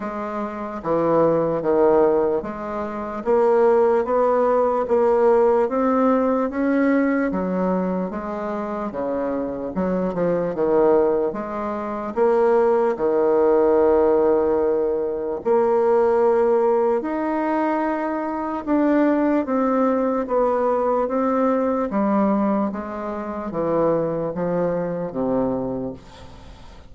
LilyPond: \new Staff \with { instrumentName = "bassoon" } { \time 4/4 \tempo 4 = 74 gis4 e4 dis4 gis4 | ais4 b4 ais4 c'4 | cis'4 fis4 gis4 cis4 | fis8 f8 dis4 gis4 ais4 |
dis2. ais4~ | ais4 dis'2 d'4 | c'4 b4 c'4 g4 | gis4 e4 f4 c4 | }